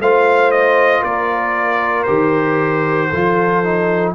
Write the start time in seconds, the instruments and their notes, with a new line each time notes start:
0.00 tuba A3, trombone F4, horn C5, trumpet F5
0.51 trumpet D#5
1.02 tuba A#3, horn A#4, trumpet D5
2.03 tuba D#3, trombone G4, trumpet C5
3.10 tuba F3, trombone F4, horn A4
3.64 trombone D#4